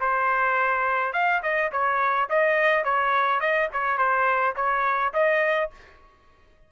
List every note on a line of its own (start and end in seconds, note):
0.00 1.13 C5
1.13 1.41 F5
1.43 1.71 D#5
1.72 2.29 C#5
2.29 2.84 D#5
2.84 3.40 C#5
3.40 3.69 D#5
3.72 3.98 C#5
3.98 4.55 C5
4.56 5.13 C#5
5.13 5.70 D#5